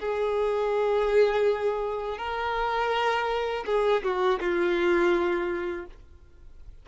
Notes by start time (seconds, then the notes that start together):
0.00 G#4
2.19 A#4
3.67 G#4
4.03 F#4
4.40 F4